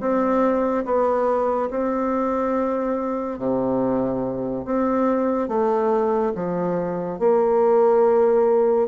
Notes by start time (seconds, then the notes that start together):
0.00 C4
0.85 B3
1.70 C4
3.38 C3
4.65 C4
5.48 A3
6.35 F3
7.18 A#3